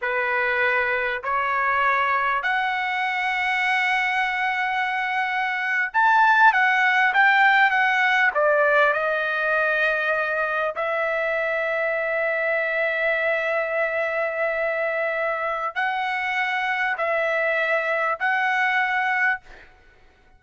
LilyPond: \new Staff \with { instrumentName = "trumpet" } { \time 4/4 \tempo 4 = 99 b'2 cis''2 | fis''1~ | fis''4.~ fis''16 a''4 fis''4 g''16~ | g''8. fis''4 d''4 dis''4~ dis''16~ |
dis''4.~ dis''16 e''2~ e''16~ | e''1~ | e''2 fis''2 | e''2 fis''2 | }